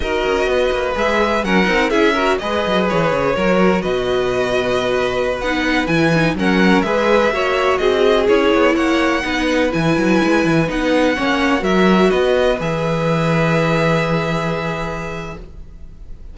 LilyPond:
<<
  \new Staff \with { instrumentName = "violin" } { \time 4/4 \tempo 4 = 125 dis''2 e''4 fis''4 | e''4 dis''4 cis''2 | dis''2.~ dis''16 fis''8.~ | fis''16 gis''4 fis''4 e''4.~ e''16~ |
e''16 dis''4 cis''4 fis''4.~ fis''16~ | fis''16 gis''2 fis''4.~ fis''16~ | fis''16 e''4 dis''4 e''4.~ e''16~ | e''1 | }
  \new Staff \with { instrumentName = "violin" } { \time 4/4 ais'4 b'2 ais'4 | gis'8 ais'8 b'2 ais'4 | b'1~ | b'4~ b'16 ais'4 b'4 cis''8.~ |
cis''16 gis'2 cis''4 b'8.~ | b'2.~ b'16 cis''8.~ | cis''16 ais'4 b'2~ b'8.~ | b'1 | }
  \new Staff \with { instrumentName = "viola" } { \time 4/4 fis'2 gis'4 cis'8 dis'8 | e'8 fis'8 gis'2 fis'4~ | fis'2.~ fis'16 dis'8.~ | dis'16 e'8 dis'8 cis'4 gis'4 fis'8.~ |
fis'4~ fis'16 e'2 dis'8.~ | dis'16 e'2 dis'4 cis'8.~ | cis'16 fis'2 gis'4.~ gis'16~ | gis'1 | }
  \new Staff \with { instrumentName = "cello" } { \time 4/4 dis'8 cis'8 b8 ais8 gis4 fis8 c'8 | cis'4 gis8 fis8 e8 cis8 fis4 | b,2.~ b,16 b8.~ | b16 e4 fis4 gis4 ais8.~ |
ais16 c'4 cis'8 b8 ais4 b8.~ | b16 e8 fis8 gis8 e8 b4 ais8.~ | ais16 fis4 b4 e4.~ e16~ | e1 | }
>>